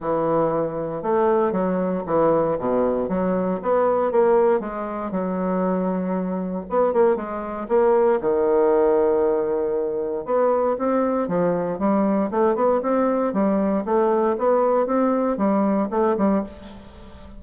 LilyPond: \new Staff \with { instrumentName = "bassoon" } { \time 4/4 \tempo 4 = 117 e2 a4 fis4 | e4 b,4 fis4 b4 | ais4 gis4 fis2~ | fis4 b8 ais8 gis4 ais4 |
dis1 | b4 c'4 f4 g4 | a8 b8 c'4 g4 a4 | b4 c'4 g4 a8 g8 | }